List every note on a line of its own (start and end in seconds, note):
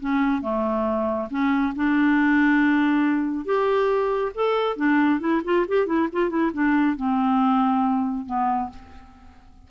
0.00 0.42 C#4
0.42 1.28 A3
1.30 1.74 C#4
1.75 3.45 D4
3.45 4.32 G4
4.35 4.76 A4
4.76 5.20 D4
5.20 5.42 E4
5.44 5.66 F4
5.68 5.86 G4
5.86 6.08 E4
6.12 6.30 F4
6.30 6.51 E4
6.53 6.97 D4
6.97 8.26 C4
8.26 8.70 B3